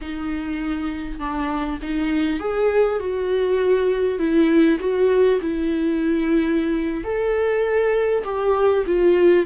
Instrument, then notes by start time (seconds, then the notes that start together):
viola
0.01 D#4
1.19 D4
1.81 D#4
2.39 G#4
2.99 F#4
4.18 E4
4.79 F#4
5.41 E4
7.04 A4
8.24 G4
8.86 F4